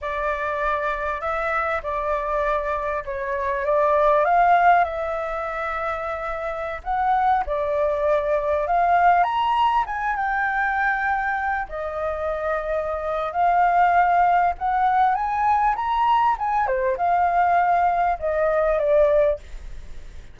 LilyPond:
\new Staff \with { instrumentName = "flute" } { \time 4/4 \tempo 4 = 99 d''2 e''4 d''4~ | d''4 cis''4 d''4 f''4 | e''2.~ e''16 fis''8.~ | fis''16 d''2 f''4 ais''8.~ |
ais''16 gis''8 g''2~ g''8 dis''8.~ | dis''2 f''2 | fis''4 gis''4 ais''4 gis''8 c''8 | f''2 dis''4 d''4 | }